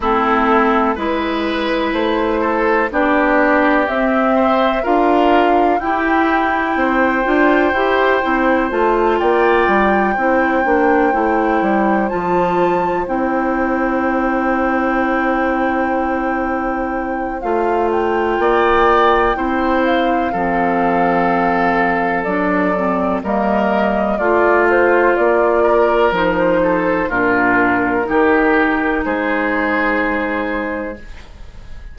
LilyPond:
<<
  \new Staff \with { instrumentName = "flute" } { \time 4/4 \tempo 4 = 62 a'4 b'4 c''4 d''4 | e''4 f''4 g''2~ | g''4 a''8 g''2~ g''8~ | g''8 a''4 g''2~ g''8~ |
g''2 f''8 g''4.~ | g''8 f''2~ f''8 d''4 | dis''4 d''8 c''8 d''4 c''4 | ais'2 c''2 | }
  \new Staff \with { instrumentName = "oboe" } { \time 4/4 e'4 b'4. a'8 g'4~ | g'8 c''8 ais'4 g'4 c''4~ | c''4. d''4 c''4.~ | c''1~ |
c''2. d''4 | c''4 a'2. | ais'4 f'4. ais'4 a'8 | f'4 g'4 gis'2 | }
  \new Staff \with { instrumentName = "clarinet" } { \time 4/4 c'4 e'2 d'4 | c'4 f'4 e'4. f'8 | g'8 e'8 f'4. e'8 d'8 e'8~ | e'8 f'4 e'2~ e'8~ |
e'2 f'2 | e'4 c'2 d'8 c'8 | ais4 f'2 dis'4 | d'4 dis'2. | }
  \new Staff \with { instrumentName = "bassoon" } { \time 4/4 a4 gis4 a4 b4 | c'4 d'4 e'4 c'8 d'8 | e'8 c'8 a8 ais8 g8 c'8 ais8 a8 | g8 f4 c'2~ c'8~ |
c'2 a4 ais4 | c'4 f2 fis4 | g4 a4 ais4 f4 | ais,4 dis4 gis2 | }
>>